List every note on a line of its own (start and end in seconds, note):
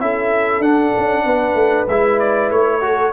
0.00 0.59 C#4
0.00 0.62 E4
0.00 1.24 A4
0.00 0.62 E5
0.59 0.90 D4
0.59 1.87 D4
0.59 1.87 F#5
0.98 1.24 C#4
1.24 1.54 B3
1.24 2.80 B4
1.54 1.86 A3
1.88 2.50 G#3
1.88 2.81 E4
1.88 2.19 E5
2.19 2.50 D5
2.50 3.12 A3
2.50 3.12 C#5
2.81 3.12 F#4
2.81 3.12 A4